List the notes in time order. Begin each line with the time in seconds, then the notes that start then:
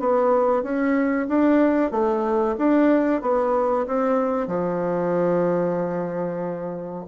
0.00 B3
0.63 C#4
1.29 D4
1.91 A3
2.58 D4
3.22 B3
3.87 C4
4.48 F3